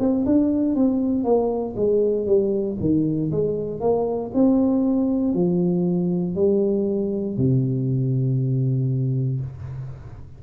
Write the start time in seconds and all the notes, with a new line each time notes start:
0.00 C4
0.26 D4
0.76 C4
1.25 A#3
1.77 G#3
2.27 G3
2.81 D#3
3.32 G#3
3.81 A#3
4.35 C4
5.34 F3
6.36 G3
7.38 C3